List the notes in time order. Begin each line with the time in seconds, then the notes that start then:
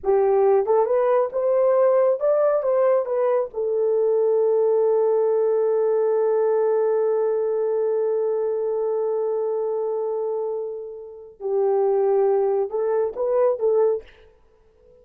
0.03 G4
0.65 A4
0.85 B4
1.32 C5
2.20 D5
2.62 C5
3.05 B4
3.53 A4
11.39 G4
12.69 A4
13.15 B4
13.59 A4